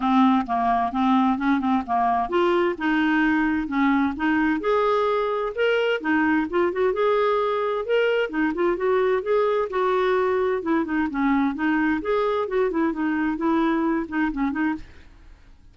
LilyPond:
\new Staff \with { instrumentName = "clarinet" } { \time 4/4 \tempo 4 = 130 c'4 ais4 c'4 cis'8 c'8 | ais4 f'4 dis'2 | cis'4 dis'4 gis'2 | ais'4 dis'4 f'8 fis'8 gis'4~ |
gis'4 ais'4 dis'8 f'8 fis'4 | gis'4 fis'2 e'8 dis'8 | cis'4 dis'4 gis'4 fis'8 e'8 | dis'4 e'4. dis'8 cis'8 dis'8 | }